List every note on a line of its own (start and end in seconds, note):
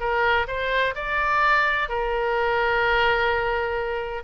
0.00 0.47 A#4
0.48 0.95 C5
0.95 1.89 D5
1.89 4.23 A#4